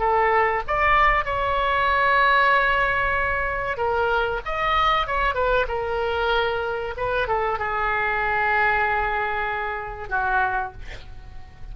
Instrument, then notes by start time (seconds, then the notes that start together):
oboe
0.00 A4
0.68 D5
1.25 C#5
3.78 A#4
4.46 D#5
5.07 C#5
5.35 B4
5.69 A#4
6.97 B4
7.28 A4
7.59 G#4
10.10 F#4